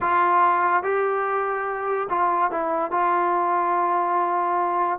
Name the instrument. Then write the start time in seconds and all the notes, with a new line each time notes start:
trombone
0.00 F4
0.83 G4
2.09 F4
2.51 E4
2.91 F4